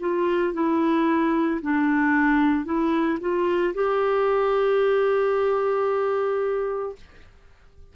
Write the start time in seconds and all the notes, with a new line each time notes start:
0.00 F4
0.54 E4
1.62 D4
2.65 E4
3.20 F4
3.75 G4